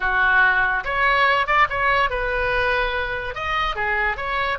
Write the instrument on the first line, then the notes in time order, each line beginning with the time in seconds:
oboe
0.00 F#4
0.84 C#5
1.46 D5
1.69 C#5
2.10 B4
3.34 D#5
3.75 G#4
4.16 C#5